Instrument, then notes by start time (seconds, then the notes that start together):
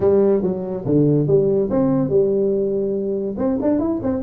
tuba
0.00 G3
0.42 F#3
0.85 D3
1.27 G3
1.70 C4
2.09 G3
3.37 C4
3.61 D4
3.79 E4
4.02 C4